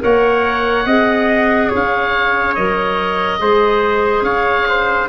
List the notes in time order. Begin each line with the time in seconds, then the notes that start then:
0.00 A#3 A#4 C#5 F#5
0.86 C4 G#4 D#5
1.69 C#4 C#5
1.76 F5
2.55 F#3 A#4 D#5
3.39 G#3 G#4 C5
4.22 C#4 C#5 F5
4.69 C5